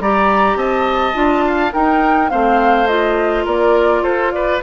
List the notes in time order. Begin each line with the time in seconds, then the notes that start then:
0.00 G3 G4 D5 A#5
0.56 C4 D#5 A5
1.14 D4 F4
1.48 F5
1.72 D#4 A#4 G5
2.30 A3 C4 C5 F5
2.88 F4 D#5
3.45 A#3 A#4 D5
4.03 F4 A4 C5
4.32 B4 D5